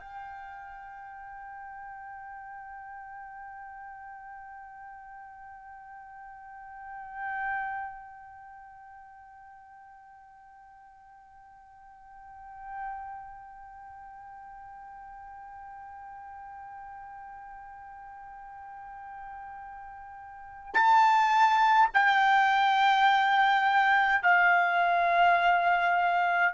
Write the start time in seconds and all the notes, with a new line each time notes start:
0.00 G5
20.74 A5
21.94 G5
24.23 F5